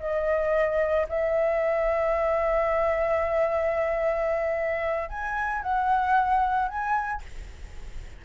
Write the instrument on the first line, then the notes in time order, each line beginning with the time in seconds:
flute
0.00 D#5
1.09 E5
5.10 G#5
5.63 F#5
6.69 G#5